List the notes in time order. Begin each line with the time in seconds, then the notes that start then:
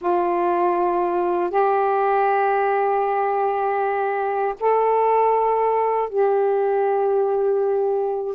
0.01 F4
1.50 G4
4.59 A4
6.09 G4